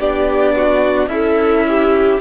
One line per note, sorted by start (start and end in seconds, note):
0.00 1.08 B3
0.00 1.10 D4
0.00 0.56 G4
0.00 1.09 D5
0.56 1.10 F#4
1.08 2.19 C#4
1.08 2.21 E4
1.08 1.65 A4
1.08 2.20 E5
1.69 2.21 G4